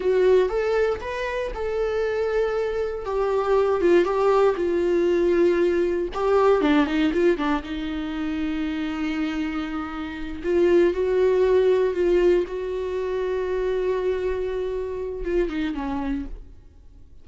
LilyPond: \new Staff \with { instrumentName = "viola" } { \time 4/4 \tempo 4 = 118 fis'4 a'4 b'4 a'4~ | a'2 g'4. f'8 | g'4 f'2. | g'4 d'8 dis'8 f'8 d'8 dis'4~ |
dis'1~ | dis'8 f'4 fis'2 f'8~ | f'8 fis'2.~ fis'8~ | fis'2 f'8 dis'8 cis'4 | }